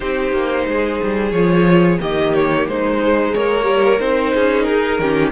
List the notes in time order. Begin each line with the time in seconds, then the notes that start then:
0.00 C4 D#4 G4 C5
0.32 A#3
0.67 G#3 G#4
1.02 G3
1.31 F3 F4 C#5
1.99 D#3 A#3 G4 D#5
2.34 C#5
2.67 G#3 D#4 C5
3.02 G#3
3.34 A#3 A#4 C#5
3.64 G3
3.99 C4 D#4 C5
4.34 C#4 G#4
4.63 D#4 A#4
4.99 D#3 C#4 G4